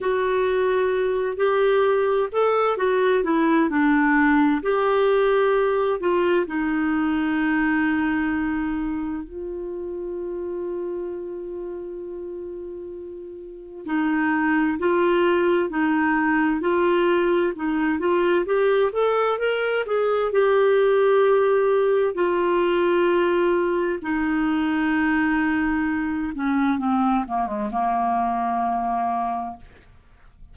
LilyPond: \new Staff \with { instrumentName = "clarinet" } { \time 4/4 \tempo 4 = 65 fis'4. g'4 a'8 fis'8 e'8 | d'4 g'4. f'8 dis'4~ | dis'2 f'2~ | f'2. dis'4 |
f'4 dis'4 f'4 dis'8 f'8 | g'8 a'8 ais'8 gis'8 g'2 | f'2 dis'2~ | dis'8 cis'8 c'8 ais16 gis16 ais2 | }